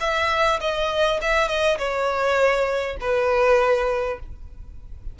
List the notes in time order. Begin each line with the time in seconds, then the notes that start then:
0.00 E5
0.60 D#5
1.21 E5
1.48 D#5
1.78 C#5
3.00 B4